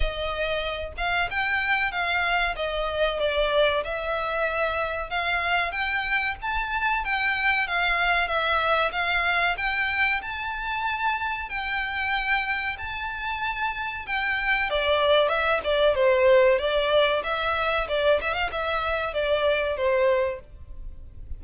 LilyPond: \new Staff \with { instrumentName = "violin" } { \time 4/4 \tempo 4 = 94 dis''4. f''8 g''4 f''4 | dis''4 d''4 e''2 | f''4 g''4 a''4 g''4 | f''4 e''4 f''4 g''4 |
a''2 g''2 | a''2 g''4 d''4 | e''8 d''8 c''4 d''4 e''4 | d''8 e''16 f''16 e''4 d''4 c''4 | }